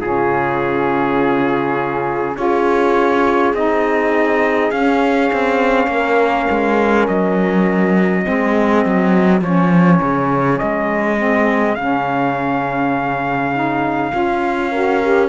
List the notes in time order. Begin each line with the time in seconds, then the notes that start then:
0.00 C#3 C#4 F4 G#4
2.36 C#4 F4 G#4 C#5
3.53 C4 D#4 D#5
4.71 C#4 F5
5.33 C4
5.87 A#3 A#4
6.50 G#3
7.07 F#3 D#5
8.23 G#3 C4 G#4
8.85 F#3
9.41 F3 C#4 C#5
10.01 C#3
10.58 G#3 D#5
11.17 C4
11.75 C#3 C#4 F5
13.54 D#4
14.12 C#4 F4
14.71 F#4 A#4
15.03 G4